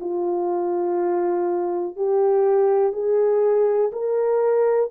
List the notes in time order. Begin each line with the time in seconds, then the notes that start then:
0.00 F4
1.96 G4
2.92 G#4
3.92 A#4